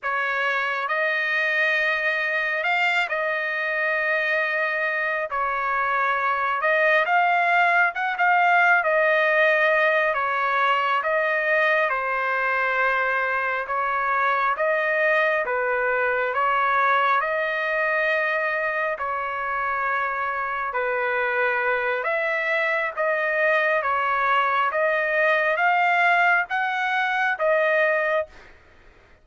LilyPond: \new Staff \with { instrumentName = "trumpet" } { \time 4/4 \tempo 4 = 68 cis''4 dis''2 f''8 dis''8~ | dis''2 cis''4. dis''8 | f''4 fis''16 f''8. dis''4. cis''8~ | cis''8 dis''4 c''2 cis''8~ |
cis''8 dis''4 b'4 cis''4 dis''8~ | dis''4. cis''2 b'8~ | b'4 e''4 dis''4 cis''4 | dis''4 f''4 fis''4 dis''4 | }